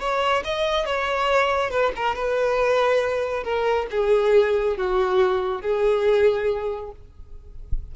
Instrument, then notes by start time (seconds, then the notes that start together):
violin
0.00 C#5
0.45 D#5
0.86 C#5
1.71 B4
1.96 A#4
2.15 B4
3.44 A#4
3.91 G#4
4.77 F#4
5.62 G#4